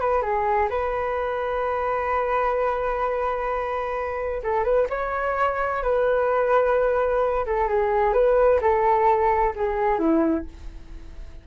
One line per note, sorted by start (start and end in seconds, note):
0.00 0.22 B4
0.22 0.68 G#4
0.70 4.42 B4
4.43 4.64 A4
4.64 4.87 B4
4.89 5.82 C#5
5.82 7.45 B4
7.46 7.68 A4
7.68 8.13 G#4
8.13 8.60 B4
8.61 9.54 A4
9.55 9.98 G#4
9.98 10.45 E4